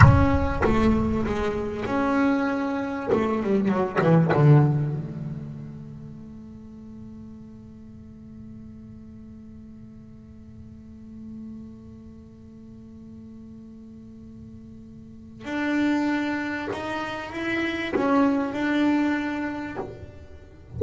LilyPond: \new Staff \with { instrumentName = "double bass" } { \time 4/4 \tempo 4 = 97 cis'4 a4 gis4 cis'4~ | cis'4 a8 g8 fis8 e8 d4 | a1~ | a1~ |
a1~ | a1~ | a4 d'2 dis'4 | e'4 cis'4 d'2 | }